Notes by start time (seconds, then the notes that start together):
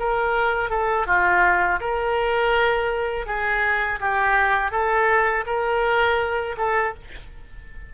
0.00 A#4
0.70 A4
1.07 F4
1.81 A#4
3.27 G#4
4.00 G4
4.72 A4
5.46 A#4
6.58 A4